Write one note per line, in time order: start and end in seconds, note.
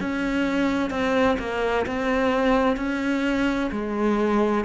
0.00 0.90 C#4
0.90 1.37 C4
1.38 1.85 A#3
1.86 2.76 C4
2.76 3.70 C#4
3.71 4.64 G#3